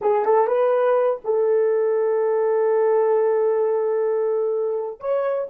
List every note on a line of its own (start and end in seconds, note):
0.01 0.25 G#4
0.25 0.47 A4
0.47 1.20 B4
1.24 5.00 A4
5.00 5.48 C#5